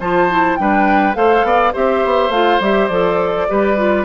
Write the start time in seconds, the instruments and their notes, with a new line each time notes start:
0.00 bassoon F3, clarinet F4, oboe C5, flute A5
0.30 clarinet E4
0.56 bassoon G3, clarinet D4, oboe B4, flute G5
1.14 bassoon A3, clarinet A4, oboe C5, flute F5
1.43 bassoon B3, oboe D5
1.73 bassoon C4, clarinet G4, oboe C5, flute E5
2.05 bassoon B3
2.29 bassoon A3, clarinet F4, flute F5
2.60 bassoon G3, clarinet G4, flute E5
2.87 bassoon F3, clarinet A4, flute D5
3.49 bassoon G3, clarinet G4, oboe B4
3.77 clarinet F4